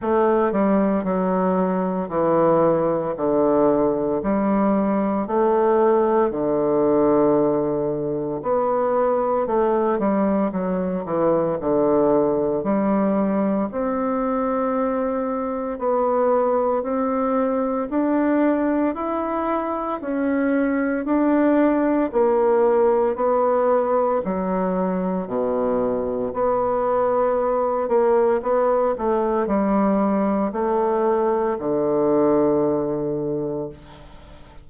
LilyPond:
\new Staff \with { instrumentName = "bassoon" } { \time 4/4 \tempo 4 = 57 a8 g8 fis4 e4 d4 | g4 a4 d2 | b4 a8 g8 fis8 e8 d4 | g4 c'2 b4 |
c'4 d'4 e'4 cis'4 | d'4 ais4 b4 fis4 | b,4 b4. ais8 b8 a8 | g4 a4 d2 | }